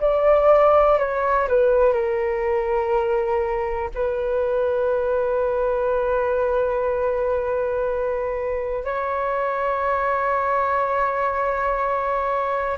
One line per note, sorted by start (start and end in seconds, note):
0.00 0.98 D5
0.98 1.48 C#5
1.48 1.93 B4
1.93 3.89 A#4
3.94 8.84 B4
8.84 12.77 C#5